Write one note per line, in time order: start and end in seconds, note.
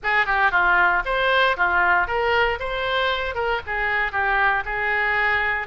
0.03 0.26 G#4
0.26 0.51 G4
0.51 1.02 F4
1.05 1.56 C5
1.56 2.07 F4
2.07 2.58 A#4
2.59 3.34 C5
3.34 3.60 A#4
3.66 4.11 G#4
4.11 4.63 G4
4.65 5.67 G#4